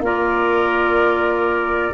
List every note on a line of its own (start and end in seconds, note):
0.00 1.90 A#3
0.00 1.93 F4
0.00 1.93 A#4
0.00 1.93 D5